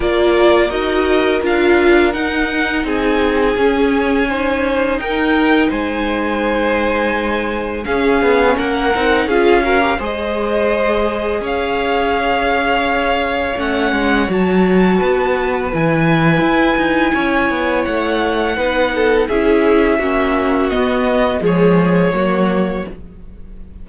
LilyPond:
<<
  \new Staff \with { instrumentName = "violin" } { \time 4/4 \tempo 4 = 84 d''4 dis''4 f''4 fis''4 | gis''2. g''4 | gis''2. f''4 | fis''4 f''4 dis''2 |
f''2. fis''4 | a''2 gis''2~ | gis''4 fis''2 e''4~ | e''4 dis''4 cis''2 | }
  \new Staff \with { instrumentName = "violin" } { \time 4/4 ais'1 | gis'2 c''4 ais'4 | c''2. gis'4 | ais'4 gis'8 ais'8 c''2 |
cis''1~ | cis''4 b'2. | cis''2 b'8 a'8 gis'4 | fis'2 gis'4 fis'4 | }
  \new Staff \with { instrumentName = "viola" } { \time 4/4 f'4 fis'4 f'4 dis'4~ | dis'4 cis'4 dis'2~ | dis'2. cis'4~ | cis'8 dis'8 f'8 fis'16 g'16 gis'2~ |
gis'2. cis'4 | fis'2 e'2~ | e'2 dis'4 e'4 | cis'4 b4 gis4 ais4 | }
  \new Staff \with { instrumentName = "cello" } { \time 4/4 ais4 dis'4 d'4 dis'4 | c'4 cis'2 dis'4 | gis2. cis'8 b8 | ais8 c'8 cis'4 gis2 |
cis'2. a8 gis8 | fis4 b4 e4 e'8 dis'8 | cis'8 b8 a4 b4 cis'4 | ais4 b4 f4 fis4 | }
>>